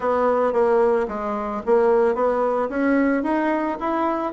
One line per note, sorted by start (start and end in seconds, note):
0.00 0.52 B3
0.52 1.06 A#3
1.07 1.61 G#3
1.65 2.14 A#3
2.14 2.69 B3
2.69 3.23 C#4
3.23 3.77 D#4
3.80 4.32 E4